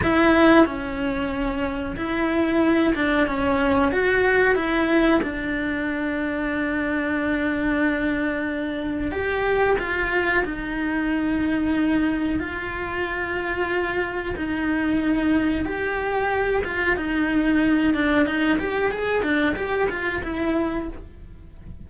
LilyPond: \new Staff \with { instrumentName = "cello" } { \time 4/4 \tempo 4 = 92 e'4 cis'2 e'4~ | e'8 d'8 cis'4 fis'4 e'4 | d'1~ | d'2 g'4 f'4 |
dis'2. f'4~ | f'2 dis'2 | g'4. f'8 dis'4. d'8 | dis'8 g'8 gis'8 d'8 g'8 f'8 e'4 | }